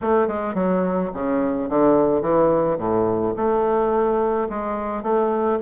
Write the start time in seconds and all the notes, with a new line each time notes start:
0.01 A3
0.27 G#3
0.54 F#3
1.13 C#3
1.69 D3
2.21 E3
2.77 A2
3.36 A3
4.49 G#3
5.02 A3